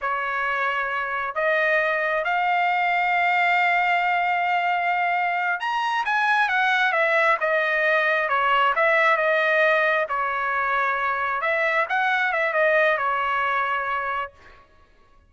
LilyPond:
\new Staff \with { instrumentName = "trumpet" } { \time 4/4 \tempo 4 = 134 cis''2. dis''4~ | dis''4 f''2.~ | f''1~ | f''8 ais''4 gis''4 fis''4 e''8~ |
e''8 dis''2 cis''4 e''8~ | e''8 dis''2 cis''4.~ | cis''4. e''4 fis''4 e''8 | dis''4 cis''2. | }